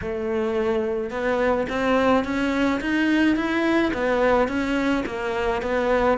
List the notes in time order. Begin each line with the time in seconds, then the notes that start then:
0.01 A3
1.10 B3
1.69 C4
2.24 C#4
2.80 D#4
3.35 E4
3.93 B3
4.47 C#4
5.05 A#3
5.62 B3